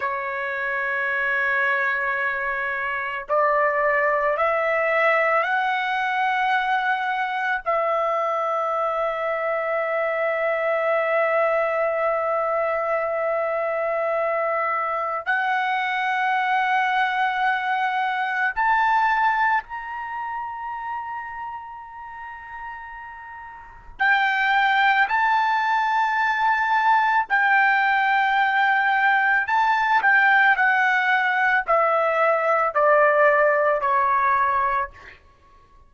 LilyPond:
\new Staff \with { instrumentName = "trumpet" } { \time 4/4 \tempo 4 = 55 cis''2. d''4 | e''4 fis''2 e''4~ | e''1~ | e''2 fis''2~ |
fis''4 a''4 ais''2~ | ais''2 g''4 a''4~ | a''4 g''2 a''8 g''8 | fis''4 e''4 d''4 cis''4 | }